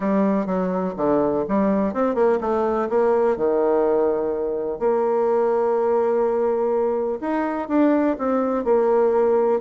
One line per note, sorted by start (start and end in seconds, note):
0.00 0.46 G3
0.46 0.94 F#3
0.96 1.44 D3
1.48 1.93 G3
1.93 2.14 C4
2.14 2.38 A#3
2.40 2.88 A3
2.89 3.36 A#3
3.36 4.79 D#3
4.79 7.19 A#3
7.20 7.68 D#4
7.68 8.16 D4
8.18 8.64 C4
8.64 9.60 A#3